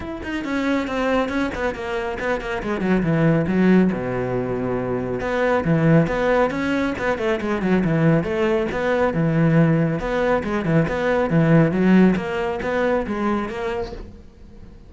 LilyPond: \new Staff \with { instrumentName = "cello" } { \time 4/4 \tempo 4 = 138 e'8 dis'8 cis'4 c'4 cis'8 b8 | ais4 b8 ais8 gis8 fis8 e4 | fis4 b,2. | b4 e4 b4 cis'4 |
b8 a8 gis8 fis8 e4 a4 | b4 e2 b4 | gis8 e8 b4 e4 fis4 | ais4 b4 gis4 ais4 | }